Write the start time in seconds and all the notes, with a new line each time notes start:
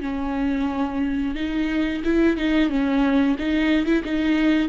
0.00 C#4
1.35 D#4
2.04 E4
2.37 D#4
2.69 C#4
3.38 D#4
3.85 E4
4.04 D#4